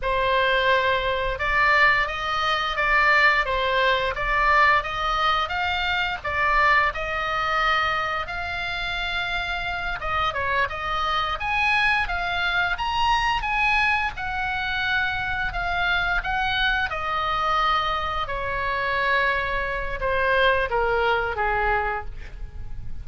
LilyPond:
\new Staff \with { instrumentName = "oboe" } { \time 4/4 \tempo 4 = 87 c''2 d''4 dis''4 | d''4 c''4 d''4 dis''4 | f''4 d''4 dis''2 | f''2~ f''8 dis''8 cis''8 dis''8~ |
dis''8 gis''4 f''4 ais''4 gis''8~ | gis''8 fis''2 f''4 fis''8~ | fis''8 dis''2 cis''4.~ | cis''4 c''4 ais'4 gis'4 | }